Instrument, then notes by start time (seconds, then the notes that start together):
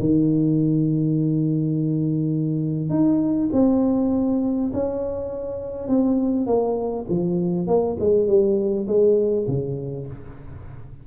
tuba
0.00 D#3
2.90 D#4
3.53 C4
4.74 C#4
5.88 C4
6.47 A#3
7.10 F3
7.67 A#3
8.00 G#3
8.28 G3
8.88 G#3
9.48 C#3